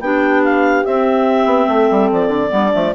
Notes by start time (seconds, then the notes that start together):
0.00 B3 D4 G4 G5
0.44 F5
0.84 C4 E5
1.45 B3
1.68 A3 A4
1.90 G3
2.12 F3 D5
2.27 D3
2.48 G3 B3 D4
2.72 F3 A3